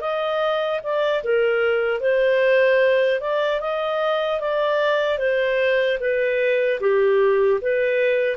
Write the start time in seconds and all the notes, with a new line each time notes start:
0.00 D#5
0.83 D5
1.23 A#4
2.00 C5
3.20 D5
3.60 D#5
4.40 D5
5.18 C5
6.00 B4
6.80 G4
7.61 B4